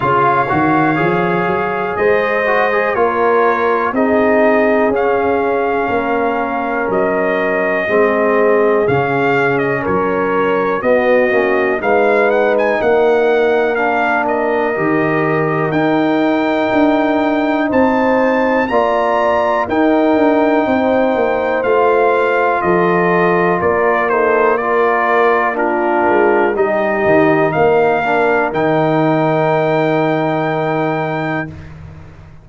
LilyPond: <<
  \new Staff \with { instrumentName = "trumpet" } { \time 4/4 \tempo 4 = 61 f''2 dis''4 cis''4 | dis''4 f''2 dis''4~ | dis''4 f''8. dis''16 cis''4 dis''4 | f''8 fis''16 gis''16 fis''4 f''8 dis''4. |
g''2 a''4 ais''4 | g''2 f''4 dis''4 | d''8 c''8 d''4 ais'4 dis''4 | f''4 g''2. | }
  \new Staff \with { instrumentName = "horn" } { \time 4/4 cis''2 c''4 ais'4 | gis'2 ais'2 | gis'2 ais'4 fis'4 | b'4 ais'2.~ |
ais'2 c''4 d''4 | ais'4 c''2 a'4 | ais'8 a'8 ais'4 f'4 g'4 | ais'1 | }
  \new Staff \with { instrumentName = "trombone" } { \time 4/4 f'8 fis'8 gis'4. fis'16 gis'16 f'4 | dis'4 cis'2. | c'4 cis'2 b8 cis'8 | dis'2 d'4 g'4 |
dis'2. f'4 | dis'2 f'2~ | f'8 dis'8 f'4 d'4 dis'4~ | dis'8 d'8 dis'2. | }
  \new Staff \with { instrumentName = "tuba" } { \time 4/4 cis8 dis8 f8 fis8 gis4 ais4 | c'4 cis'4 ais4 fis4 | gis4 cis4 fis4 b8 ais8 | gis4 ais2 dis4 |
dis'4 d'4 c'4 ais4 | dis'8 d'8 c'8 ais8 a4 f4 | ais2~ ais8 gis8 g8 dis8 | ais4 dis2. | }
>>